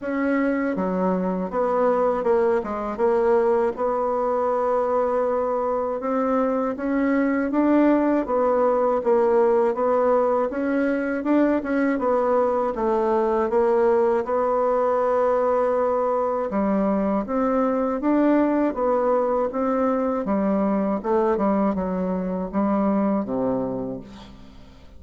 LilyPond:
\new Staff \with { instrumentName = "bassoon" } { \time 4/4 \tempo 4 = 80 cis'4 fis4 b4 ais8 gis8 | ais4 b2. | c'4 cis'4 d'4 b4 | ais4 b4 cis'4 d'8 cis'8 |
b4 a4 ais4 b4~ | b2 g4 c'4 | d'4 b4 c'4 g4 | a8 g8 fis4 g4 c4 | }